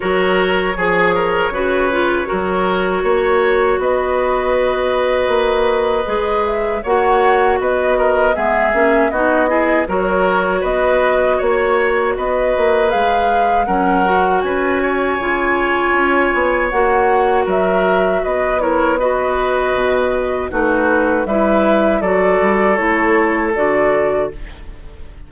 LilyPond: <<
  \new Staff \with { instrumentName = "flute" } { \time 4/4 \tempo 4 = 79 cis''1~ | cis''4 dis''2.~ | dis''8 e''8 fis''4 dis''4 e''4 | dis''4 cis''4 dis''4 cis''4 |
dis''4 f''4 fis''4 gis''4~ | gis''2 fis''4 e''4 | dis''8 cis''8 dis''2 b'4 | e''4 d''4 cis''4 d''4 | }
  \new Staff \with { instrumentName = "oboe" } { \time 4/4 ais'4 gis'8 ais'8 b'4 ais'4 | cis''4 b'2.~ | b'4 cis''4 b'8 ais'8 gis'4 | fis'8 gis'8 ais'4 b'4 cis''4 |
b'2 ais'4 b'8 cis''8~ | cis''2. ais'4 | b'8 ais'8 b'2 fis'4 | b'4 a'2. | }
  \new Staff \with { instrumentName = "clarinet" } { \time 4/4 fis'4 gis'4 fis'8 f'8 fis'4~ | fis'1 | gis'4 fis'2 b8 cis'8 | dis'8 e'8 fis'2.~ |
fis'4 gis'4 cis'8 fis'4. | f'2 fis'2~ | fis'8 e'8 fis'2 dis'4 | e'4 fis'4 e'4 fis'4 | }
  \new Staff \with { instrumentName = "bassoon" } { \time 4/4 fis4 f4 cis4 fis4 | ais4 b2 ais4 | gis4 ais4 b4 gis8 ais8 | b4 fis4 b4 ais4 |
b8 ais8 gis4 fis4 cis'4 | cis4 cis'8 b8 ais4 fis4 | b2 b,4 a4 | g4 fis8 g8 a4 d4 | }
>>